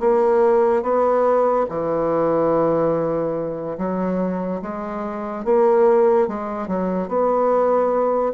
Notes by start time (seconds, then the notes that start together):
0.00 A#3
0.83 B3
1.70 E3
3.78 F#3
4.62 G#3
5.45 A#3
6.28 G#3
6.68 F#3
7.09 B3